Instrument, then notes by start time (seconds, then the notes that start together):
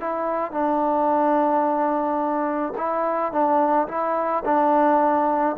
trombone
0.00 E4
0.51 D4
2.77 E4
3.32 D4
3.87 E4
4.45 D4